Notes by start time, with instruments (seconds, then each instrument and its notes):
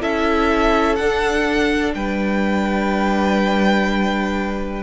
0.00 cello C#4, viola E4, violin A4 E5
0.95 viola D4, cello D4, violin F#5
1.94 cello G3, violin B4 G5